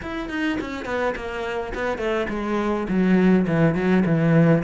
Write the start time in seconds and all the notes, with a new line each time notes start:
0.02 E4
0.29 D#4
0.60 C#4
0.85 B3
1.15 A#3
1.74 B3
1.97 A3
2.29 G#3
2.88 F#3
3.47 E3
3.74 F#3
4.05 E3